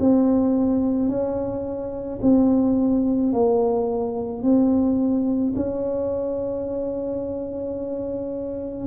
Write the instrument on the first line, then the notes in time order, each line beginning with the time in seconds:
tuba
0.00 C4
1.09 C#4
2.22 C4
3.33 A#3
4.43 C4
5.56 C#4